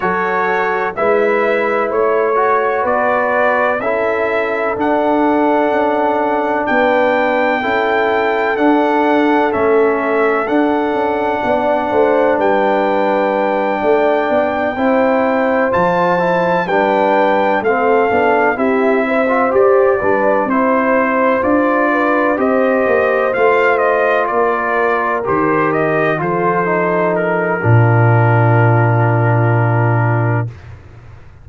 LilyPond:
<<
  \new Staff \with { instrumentName = "trumpet" } { \time 4/4 \tempo 4 = 63 cis''4 e''4 cis''4 d''4 | e''4 fis''2 g''4~ | g''4 fis''4 e''4 fis''4~ | fis''4 g''2.~ |
g''8 a''4 g''4 f''4 e''8~ | e''8 d''4 c''4 d''4 dis''8~ | dis''8 f''8 dis''8 d''4 c''8 dis''8 c''8~ | c''8 ais'2.~ ais'8 | }
  \new Staff \with { instrumentName = "horn" } { \time 4/4 a'4 b'4 cis''4 b'4 | a'2. b'4 | a'1 | d''8 c''8 b'4. d''4 c''8~ |
c''4. b'4 a'4 g'8 | c''4 b'8 c''4. b'8 c''8~ | c''4. ais'2 a'8~ | a'4 f'2. | }
  \new Staff \with { instrumentName = "trombone" } { \time 4/4 fis'4 e'4. fis'4. | e'4 d'2. | e'4 d'4 cis'4 d'4~ | d'2.~ d'8 e'8~ |
e'8 f'8 e'8 d'4 c'8 d'8 e'8~ | e'16 f'16 g'8 d'8 e'4 f'4 g'8~ | g'8 f'2 g'4 f'8 | dis'4 d'2. | }
  \new Staff \with { instrumentName = "tuba" } { \time 4/4 fis4 gis4 a4 b4 | cis'4 d'4 cis'4 b4 | cis'4 d'4 a4 d'8 cis'8 | b8 a8 g4. a8 b8 c'8~ |
c'8 f4 g4 a8 b8 c'8~ | c'8 g'8 g8 c'4 d'4 c'8 | ais8 a4 ais4 dis4 f8~ | f4 ais,2. | }
>>